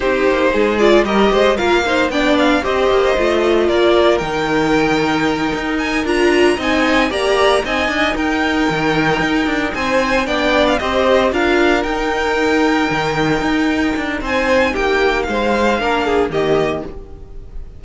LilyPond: <<
  \new Staff \with { instrumentName = "violin" } { \time 4/4 \tempo 4 = 114 c''4. d''8 dis''4 f''4 | g''8 f''8 dis''2 d''4 | g''2. gis''8 ais''8~ | ais''8 gis''4 ais''4 gis''4 g''8~ |
g''2~ g''8 gis''4 g''8~ | g''16 f''16 dis''4 f''4 g''4.~ | g''2. gis''4 | g''4 f''2 dis''4 | }
  \new Staff \with { instrumentName = "violin" } { \time 4/4 g'4 gis'4 ais'8 c''8 ais'8 c''8 | d''4 c''2 ais'4~ | ais'1~ | ais'8 dis''4 d''4 dis''4 ais'8~ |
ais'2~ ais'8 c''4 d''8~ | d''8 c''4 ais'2~ ais'8~ | ais'2. c''4 | g'4 c''4 ais'8 gis'8 g'4 | }
  \new Staff \with { instrumentName = "viola" } { \time 4/4 dis'4. f'8 g'4 f'8 dis'8 | d'4 g'4 f'2 | dis'2.~ dis'8 f'8~ | f'8 dis'4 g'4 dis'4.~ |
dis'2.~ dis'8 d'8~ | d'8 g'4 f'4 dis'4.~ | dis'1~ | dis'2 d'4 ais4 | }
  \new Staff \with { instrumentName = "cello" } { \time 4/4 c'8 ais8 gis4 g8 gis8 ais4 | b4 c'8 ais8 a4 ais4 | dis2~ dis8 dis'4 d'8~ | d'8 c'4 ais4 c'8 d'8 dis'8~ |
dis'8 dis4 dis'8 d'8 c'4 b8~ | b8 c'4 d'4 dis'4.~ | dis'8 dis4 dis'4 d'8 c'4 | ais4 gis4 ais4 dis4 | }
>>